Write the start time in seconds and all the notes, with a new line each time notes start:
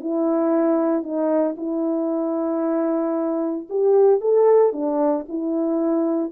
0.00 E4
1.03 D#4
1.57 E4
3.69 G4
4.20 A4
4.72 D4
5.28 E4